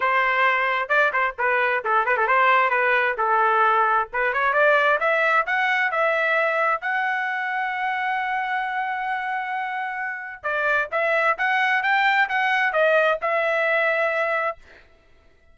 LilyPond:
\new Staff \with { instrumentName = "trumpet" } { \time 4/4 \tempo 4 = 132 c''2 d''8 c''8 b'4 | a'8 b'16 a'16 c''4 b'4 a'4~ | a'4 b'8 cis''8 d''4 e''4 | fis''4 e''2 fis''4~ |
fis''1~ | fis''2. d''4 | e''4 fis''4 g''4 fis''4 | dis''4 e''2. | }